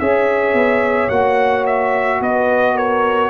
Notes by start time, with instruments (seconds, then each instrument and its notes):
0.00 tuba C#4, trombone G#4, horn C#5, trumpet E5
0.53 tuba B3
1.09 tuba A#3, trombone F#4, trumpet F#5
1.66 trumpet E5
2.21 tuba B3, horn B4, trumpet D#5
2.75 horn A#4, trumpet C#5